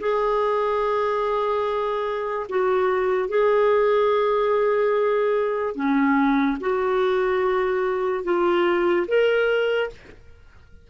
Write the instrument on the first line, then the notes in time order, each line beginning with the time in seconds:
clarinet
0.00 G#4
2.49 F#4
3.29 G#4
5.75 C#4
6.60 F#4
8.24 F4
9.08 A#4